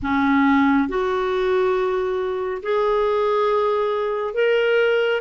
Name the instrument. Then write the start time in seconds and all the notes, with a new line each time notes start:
clarinet
0.02 C#4
0.88 F#4
2.62 G#4
4.34 A#4